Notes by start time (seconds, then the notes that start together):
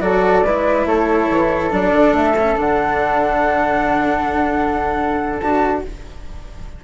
0.00 F#3 F#4 A4 D5
0.43 G#3 E4 B4
0.85 A3 A4 C#5
1.30 E3
1.70 F#3 D4 D5
1.92 D3
2.12 A3 E5
2.38 C#4
2.56 D3 D4 F#5
5.39 D4 F#4 A5